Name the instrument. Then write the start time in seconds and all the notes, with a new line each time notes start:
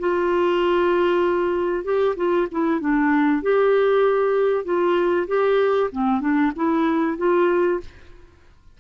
clarinet
0.00 F4
1.84 G4
2.16 F4
2.52 E4
2.81 D4
3.43 G4
4.65 F4
5.28 G4
5.92 C4
6.21 D4
6.56 E4
7.18 F4